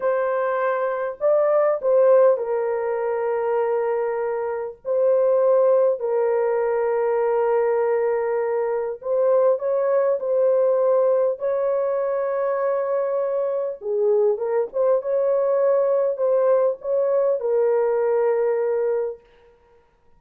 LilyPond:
\new Staff \with { instrumentName = "horn" } { \time 4/4 \tempo 4 = 100 c''2 d''4 c''4 | ais'1 | c''2 ais'2~ | ais'2. c''4 |
cis''4 c''2 cis''4~ | cis''2. gis'4 | ais'8 c''8 cis''2 c''4 | cis''4 ais'2. | }